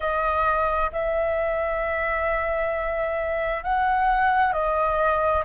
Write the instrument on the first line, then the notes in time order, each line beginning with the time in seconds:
flute
0.00 D#5
0.92 E5
3.63 F#5
4.52 D#5